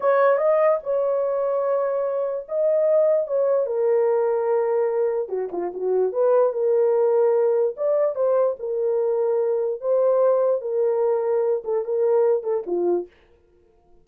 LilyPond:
\new Staff \with { instrumentName = "horn" } { \time 4/4 \tempo 4 = 147 cis''4 dis''4 cis''2~ | cis''2 dis''2 | cis''4 ais'2.~ | ais'4 fis'8 f'8 fis'4 b'4 |
ais'2. d''4 | c''4 ais'2. | c''2 ais'2~ | ais'8 a'8 ais'4. a'8 f'4 | }